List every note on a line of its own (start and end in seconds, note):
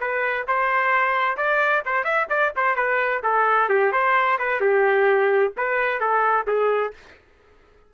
0.00 0.46 B4
0.47 1.37 C5
1.37 1.83 D5
1.85 2.04 C5
2.04 2.27 E5
2.29 2.52 D5
2.56 2.75 C5
2.75 3.22 B4
3.22 3.69 A4
3.69 3.92 G4
3.92 4.38 C5
4.38 4.60 B4
4.60 5.53 G4
5.56 6.00 B4
6.00 6.46 A4
6.47 6.93 G#4